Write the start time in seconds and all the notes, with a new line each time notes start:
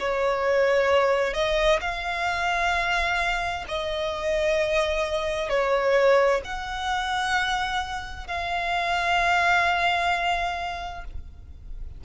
0.00 C#5
1.34 D#5
1.81 F5
3.69 D#5
5.50 C#5
6.45 F#5
8.28 F5